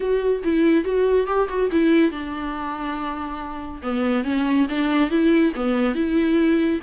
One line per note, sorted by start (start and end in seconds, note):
0.00 0.42 F#4
0.43 0.84 E4
0.84 1.26 F#4
1.27 1.48 G4
1.48 1.70 F#4
1.71 2.11 E4
2.11 3.81 D4
3.82 4.24 B3
4.24 4.66 C#4
4.69 5.10 D4
5.10 5.53 E4
5.55 5.95 B3
5.95 6.80 E4